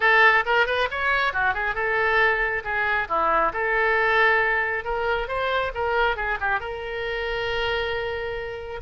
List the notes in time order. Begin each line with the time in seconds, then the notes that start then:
0.00 A4
0.45 A#4
0.66 B4
0.90 C#5
1.33 F#4
1.54 G#4
1.74 A4
2.64 G#4
3.08 E4
3.53 A4
4.84 A#4
5.27 C5
5.74 A#4
6.16 G#4
6.40 G4
6.60 A#4